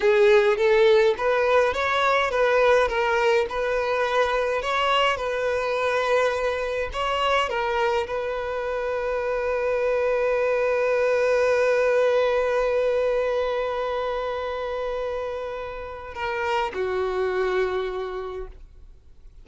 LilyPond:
\new Staff \with { instrumentName = "violin" } { \time 4/4 \tempo 4 = 104 gis'4 a'4 b'4 cis''4 | b'4 ais'4 b'2 | cis''4 b'2. | cis''4 ais'4 b'2~ |
b'1~ | b'1~ | b'1 | ais'4 fis'2. | }